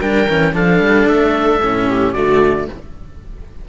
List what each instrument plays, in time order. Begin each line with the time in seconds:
0.00 cello G3 D4, viola A#4, oboe G5
0.29 cello E3 C#4
0.53 cello F3 D4, viola A4, oboe F5
0.80 cello G3
1.08 cello A3, oboe E5
1.62 cello A2 C#4
1.89 viola G4
2.13 cello D3 A3, viola F#4, oboe D5